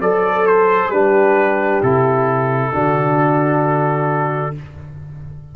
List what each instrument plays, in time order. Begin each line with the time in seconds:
0.00 tuba F#3, horn A4, trombone A4, trumpet D5
0.46 trumpet C5
0.89 tuba G3, trombone D4, horn G4, trumpet B4
1.82 tuba C3, trombone E4, trumpet A4
2.72 tuba D3, trombone D4, horn F#4